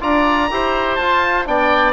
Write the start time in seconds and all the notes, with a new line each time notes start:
0.00 D4 F4 D5 A#5
0.51 E4 G4 C5
0.95 F4 A5
1.45 B3 D4 D5 G5